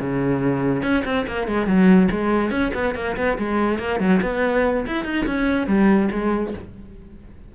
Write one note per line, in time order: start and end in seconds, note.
0.00 0.83 C#3
0.83 1.04 C#4
1.05 1.27 C4
1.28 1.48 A#3
1.48 1.67 G#3
1.67 2.09 F#3
2.11 2.51 G#3
2.51 2.72 C#4
2.74 2.95 B3
2.95 3.17 A#3
3.17 3.38 B3
3.38 3.79 G#3
3.79 4.00 A#3
4.00 4.21 F#3
4.23 4.86 B3
4.87 5.05 E4
5.05 5.26 D#4
5.26 5.67 C#4
5.67 6.09 G3
6.12 6.54 G#3